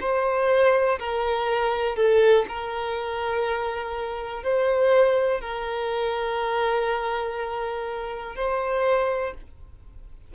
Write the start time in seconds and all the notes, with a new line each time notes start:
0.00 C5
0.99 A#4
1.95 A4
2.48 A#4
4.43 C5
5.40 A#4
8.35 C5